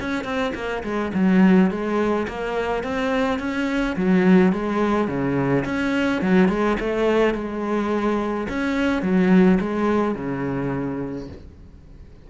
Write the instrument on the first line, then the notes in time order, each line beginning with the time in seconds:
cello
0.00 C#4
0.24 C4
0.54 A#3
0.83 G#3
1.14 F#3
1.70 G#3
2.28 A#3
2.83 C4
3.39 C#4
3.96 F#3
4.52 G#3
5.08 C#3
5.65 C#4
6.22 F#3
6.49 G#3
6.80 A3
7.34 G#3
8.48 C#4
9.02 F#3
9.60 G#3
10.15 C#3